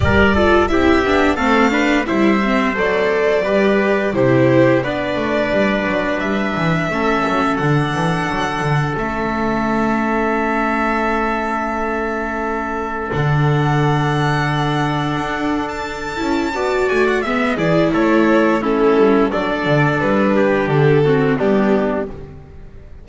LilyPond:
<<
  \new Staff \with { instrumentName = "violin" } { \time 4/4 \tempo 4 = 87 d''4 e''4 f''4 e''4 | d''2 c''4 d''4~ | d''4 e''2 fis''4~ | fis''4 e''2.~ |
e''2. fis''4~ | fis''2~ fis''8. a''4~ a''16~ | a''8 gis''16 fis''16 e''8 d''8 cis''4 a'4 | d''4 b'4 a'4 g'4 | }
  \new Staff \with { instrumentName = "trumpet" } { \time 4/4 ais'8 a'8 g'4 a'8 b'8 c''4~ | c''4 b'4 g'4 b'4~ | b'2 a'2~ | a'1~ |
a'1~ | a'1 | d''4 e''8 gis'8 a'4 e'4 | a'4. g'4 fis'8 d'4 | }
  \new Staff \with { instrumentName = "viola" } { \time 4/4 g'8 f'8 e'8 d'8 c'8 d'8 e'8 c'8 | a'4 g'4 e'4 d'4~ | d'2 cis'4 d'4~ | d'4 cis'2.~ |
cis'2. d'4~ | d'2.~ d'8 e'8 | fis'4 b8 e'4. cis'4 | d'2~ d'8 c'8 b4 | }
  \new Staff \with { instrumentName = "double bass" } { \time 4/4 g4 c'8 b8 a4 g4 | fis4 g4 c4 b8 a8 | g8 fis8 g8 e8 a8 fis8 d8 e8 | fis8 d8 a2.~ |
a2. d4~ | d2 d'4. cis'8 | b8 a8 gis8 e8 a4. g8 | fis8 d8 g4 d4 g4 | }
>>